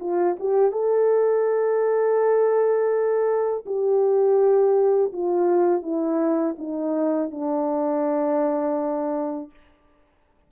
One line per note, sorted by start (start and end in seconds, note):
0.00 0.37 F4
0.40 0.72 G4
0.72 3.65 A4
3.66 5.13 G4
5.13 5.83 F4
5.83 6.56 E4
6.59 7.31 D#4
7.31 9.51 D4